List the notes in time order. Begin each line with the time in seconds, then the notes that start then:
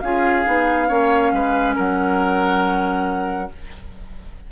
0.00 C#4 F4 G#4 F5
0.45 B3 D#4
0.88 A#3 C#4 C#5
1.32 G#3 B4
1.75 F#3 A#4 F#5